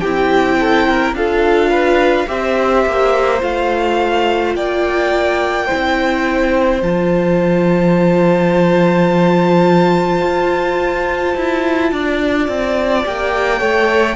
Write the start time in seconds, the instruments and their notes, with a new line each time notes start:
0.00 cello C4, viola E4, violin G4 G5
0.60 violin A4
0.88 violin A#4
1.13 cello D4, viola F4, violin A4 F5
1.71 violin B4
2.27 cello C4, viola G4, violin C5 E5
2.86 cello A#3
3.41 cello A3, viola F4, violin F5
4.55 cello A#3, violin D5 G5
5.67 viola E4, violin C5
5.74 cello C4
6.82 cello F3, viola F4, violin A5
10.22 cello F4
11.36 cello E4
11.92 cello D4, violin D5
12.49 cello C4
13.04 cello A#3, viola G4, violin G5
13.59 cello A3, viola A4, violin C#5